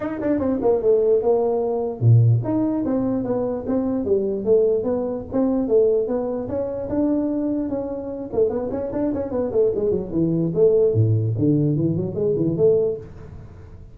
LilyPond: \new Staff \with { instrumentName = "tuba" } { \time 4/4 \tempo 4 = 148 dis'8 d'8 c'8 ais8 a4 ais4~ | ais4 ais,4 dis'4 c'4 | b4 c'4 g4 a4 | b4 c'4 a4 b4 |
cis'4 d'2 cis'4~ | cis'8 a8 b8 cis'8 d'8 cis'8 b8 a8 | gis8 fis8 e4 a4 a,4 | d4 e8 fis8 gis8 e8 a4 | }